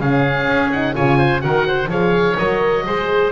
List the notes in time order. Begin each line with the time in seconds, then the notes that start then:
0.00 C#3 C#4 G#4 F5
0.47 C#4
0.72 D#4 F#5
0.94 C#3 F4 C#5 G#5
1.18 C5
1.41 D#3 F#4 A#4 F#5
1.68 C5
1.88 F3 G#4 C#5 F5
2.38 F#3 A#4 D#5
2.86 G#3 G#4 C5